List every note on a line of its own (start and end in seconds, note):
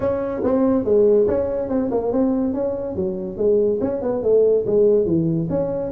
0.00 0.41 C#4
0.43 0.84 C4
0.84 1.26 G#3
1.27 1.68 C#4
1.68 1.89 C4
1.91 2.12 A#3
2.12 2.53 C4
2.53 2.95 C#4
2.95 3.37 F#3
3.37 3.79 G#3
3.80 4.01 C#4
4.01 4.22 B3
4.23 4.65 A3
4.66 5.05 G#3
5.05 5.48 E3
5.49 5.91 C#4